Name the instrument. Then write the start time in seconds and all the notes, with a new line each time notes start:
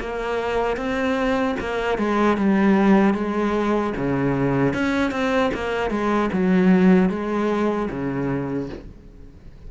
cello
0.00 A#3
0.77 C4
1.60 A#3
1.98 G#3
2.37 G3
3.14 G#3
3.97 C#3
4.74 C#4
5.11 C4
5.54 A#3
5.90 G#3
6.33 F#3
7.10 G#3
7.91 C#3